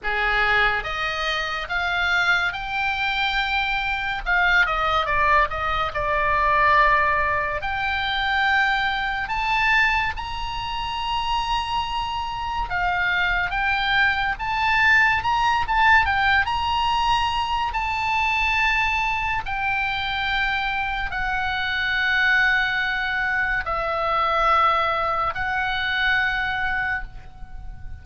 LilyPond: \new Staff \with { instrumentName = "oboe" } { \time 4/4 \tempo 4 = 71 gis'4 dis''4 f''4 g''4~ | g''4 f''8 dis''8 d''8 dis''8 d''4~ | d''4 g''2 a''4 | ais''2. f''4 |
g''4 a''4 ais''8 a''8 g''8 ais''8~ | ais''4 a''2 g''4~ | g''4 fis''2. | e''2 fis''2 | }